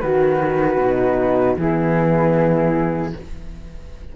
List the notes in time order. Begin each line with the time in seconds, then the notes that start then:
0.00 D#3 F#4 B4
0.77 B2 D#4
1.57 E3 B3 E4 G#4